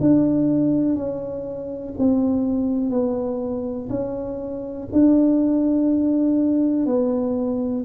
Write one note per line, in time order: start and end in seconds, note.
0.00 0.95 D4
0.95 1.93 C#4
1.98 2.90 C4
2.90 3.88 B3
3.89 4.88 C#4
4.92 6.86 D4
6.86 7.84 B3